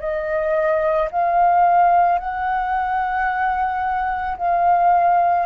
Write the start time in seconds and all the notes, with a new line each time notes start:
0.00 D#5
1.12 F5
2.19 F#5
4.37 F5